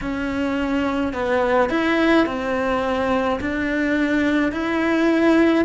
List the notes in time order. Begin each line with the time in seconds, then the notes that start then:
0.01 C#4
1.13 B3
1.69 E4
2.26 C4
3.40 D4
4.52 E4